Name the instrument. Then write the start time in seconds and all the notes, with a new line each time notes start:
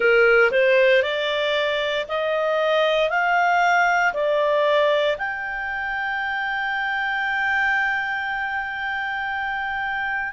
clarinet
0.00 A#4
0.51 C5
1.02 D5
2.08 D#5
3.09 F5
4.13 D5
5.18 G5